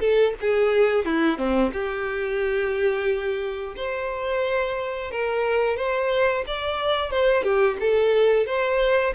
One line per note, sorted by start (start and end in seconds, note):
0.00 0.34 A4
0.41 1.05 G#4
1.05 1.38 E4
1.38 1.72 C4
1.73 3.75 G4
3.77 5.11 C5
5.11 5.77 A#4
5.77 6.44 C5
6.47 7.11 D5
7.11 7.43 C5
7.43 7.77 G4
7.80 8.46 A4
8.46 9.14 C5